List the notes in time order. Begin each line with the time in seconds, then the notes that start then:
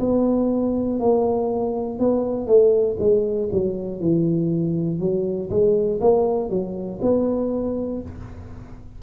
0.00 B3
1.00 A#3
2.00 B3
2.47 A3
2.99 G#3
3.52 F#3
4.00 E3
5.00 F#3
5.50 G#3
6.01 A#3
6.50 F#3
7.01 B3